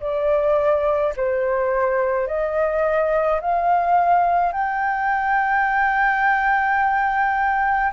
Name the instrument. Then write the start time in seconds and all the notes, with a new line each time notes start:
flute
0.00 D5
1.16 C5
2.27 D#5
3.40 F5
4.52 G5